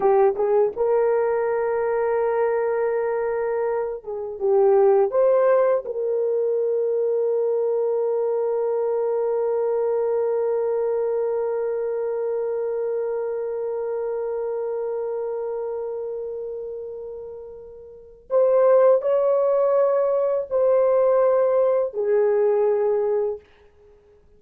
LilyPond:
\new Staff \with { instrumentName = "horn" } { \time 4/4 \tempo 4 = 82 g'8 gis'8 ais'2.~ | ais'4. gis'8 g'4 c''4 | ais'1~ | ais'1~ |
ais'1~ | ais'1~ | ais'4 c''4 cis''2 | c''2 gis'2 | }